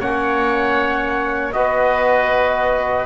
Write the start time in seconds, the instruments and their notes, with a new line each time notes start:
0.00 double bass A#3, trombone C#4, oboe C#5, trumpet F#5
1.53 double bass B3, trombone F#4, oboe B4, trumpet D#5